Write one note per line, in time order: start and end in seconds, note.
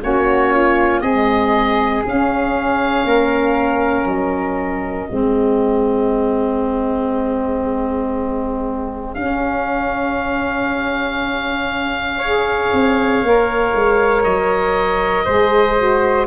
0.00 1.01 A#3
0.00 1.02 C#4
0.00 0.53 F#4
0.00 1.01 C#5
0.53 1.03 F4
1.01 2.04 G#3
1.01 2.03 C4
1.01 3.06 G#4
1.01 2.02 D#5
2.04 5.08 C#4
2.04 3.04 C#4
2.04 4.08 F5
3.04 4.05 A#3
3.04 5.09 A#4
4.05 5.07 F#3
4.05 9.14 D#5
5.08 9.15 G#3
5.08 9.15 C4
5.08 12.18 G#4
9.14 12.71 C#4
9.14 12.21 C#4
9.14 14.23 F5
12.18 15.23 C#5
12.24 13.25 G#4
12.73 13.22 C4
13.22 13.73 A#3
13.22 15.26 A#4
13.74 14.24 G#3
14.23 15.26 F#3
14.23 16.27 D#5
15.24 16.27 G#3
15.24 15.76 G#4
15.24 16.26 C5
15.77 16.27 F#4